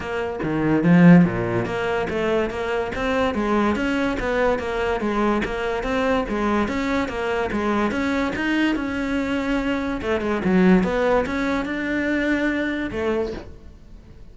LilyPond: \new Staff \with { instrumentName = "cello" } { \time 4/4 \tempo 4 = 144 ais4 dis4 f4 ais,4 | ais4 a4 ais4 c'4 | gis4 cis'4 b4 ais4 | gis4 ais4 c'4 gis4 |
cis'4 ais4 gis4 cis'4 | dis'4 cis'2. | a8 gis8 fis4 b4 cis'4 | d'2. a4 | }